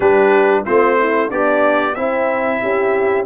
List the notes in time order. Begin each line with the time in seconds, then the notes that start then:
0.00 G3 D4 G4 B4
0.65 A3 C4 F4 C5
0.99 E4
1.28 B3 D4 G4 D5
1.94 C4 E4 E5
2.61 C#4 G4